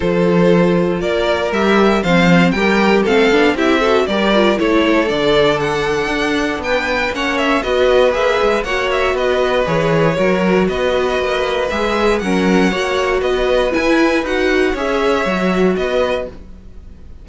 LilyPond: <<
  \new Staff \with { instrumentName = "violin" } { \time 4/4 \tempo 4 = 118 c''2 d''4 e''4 | f''4 g''4 f''4 e''4 | d''4 cis''4 d''4 fis''4~ | fis''4 g''4 fis''8 e''8 dis''4 |
e''4 fis''8 e''8 dis''4 cis''4~ | cis''4 dis''2 e''4 | fis''2 dis''4 gis''4 | fis''4 e''2 dis''4 | }
  \new Staff \with { instrumentName = "violin" } { \time 4/4 a'2 ais'2 | c''4 ais'4 a'4 g'8 a'8 | ais'4 a'2.~ | a'4 b'4 cis''4 b'4~ |
b'4 cis''4 b'2 | ais'4 b'2. | ais'4 cis''4 b'2~ | b'4 cis''2 b'4 | }
  \new Staff \with { instrumentName = "viola" } { \time 4/4 f'2. g'4 | c'4 g'4 c'8 d'8 e'8 fis'8 | g'8 f'8 e'4 d'2~ | d'2 cis'4 fis'4 |
gis'4 fis'2 gis'4 | fis'2. gis'4 | cis'4 fis'2 e'4 | fis'4 gis'4 fis'2 | }
  \new Staff \with { instrumentName = "cello" } { \time 4/4 f2 ais4 g4 | f4 g4 a8 b8 c'4 | g4 a4 d2 | d'4 b4 ais4 b4 |
ais8 gis8 ais4 b4 e4 | fis4 b4 ais4 gis4 | fis4 ais4 b4 e'4 | dis'4 cis'4 fis4 b4 | }
>>